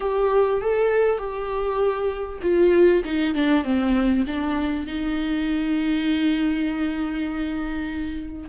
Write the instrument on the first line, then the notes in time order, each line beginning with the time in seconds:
viola
0.00 G4
0.61 A4
1.18 G4
2.42 F4
3.04 D#4
3.34 D4
3.64 C4
4.26 D4
4.86 D#4